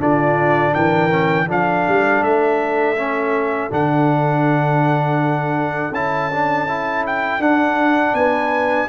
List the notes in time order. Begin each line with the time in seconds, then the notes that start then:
0.00 D3 D4 F4 D5
0.74 E3 A#4 G5
1.11 C#4
1.47 F3 D4 A4 F5
1.88 G3
2.21 A3 E5
2.97 C#4
3.71 D3 D4 F#5
5.92 C#4 E4 A5
6.33 D4
6.68 E4
7.07 G5
7.40 D4 F#5
8.14 B3 B4 G#5